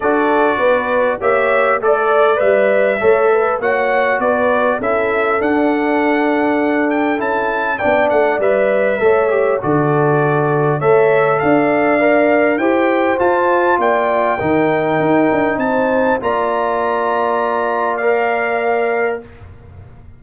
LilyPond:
<<
  \new Staff \with { instrumentName = "trumpet" } { \time 4/4 \tempo 4 = 100 d''2 e''4 d''4 | e''2 fis''4 d''4 | e''4 fis''2~ fis''8 g''8 | a''4 g''8 fis''8 e''2 |
d''2 e''4 f''4~ | f''4 g''4 a''4 g''4~ | g''2 a''4 ais''4~ | ais''2 f''2 | }
  \new Staff \with { instrumentName = "horn" } { \time 4/4 a'4 b'4 cis''4 d''4~ | d''4 cis''8 b'8 cis''4 b'4 | a'1~ | a'4 d''2 cis''4 |
a'2 cis''4 d''4~ | d''4 c''2 d''4 | ais'2 c''4 d''4~ | d''1 | }
  \new Staff \with { instrumentName = "trombone" } { \time 4/4 fis'2 g'4 a'4 | b'4 a'4 fis'2 | e'4 d'2. | e'4 d'4 b'4 a'8 g'8 |
fis'2 a'2 | ais'4 g'4 f'2 | dis'2. f'4~ | f'2 ais'2 | }
  \new Staff \with { instrumentName = "tuba" } { \time 4/4 d'4 b4 ais4 a4 | g4 a4 ais4 b4 | cis'4 d'2. | cis'4 b8 a8 g4 a4 |
d2 a4 d'4~ | d'4 e'4 f'4 ais4 | dis4 dis'8 d'8 c'4 ais4~ | ais1 | }
>>